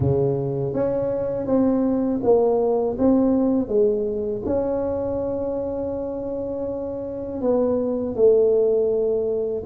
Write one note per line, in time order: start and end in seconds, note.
0.00 0.73 C#3
0.73 1.46 C#4
1.46 2.20 C4
2.23 2.97 A#3
2.98 3.68 C4
3.68 4.42 G#3
4.45 7.41 C#4
7.41 8.15 B3
8.15 9.63 A3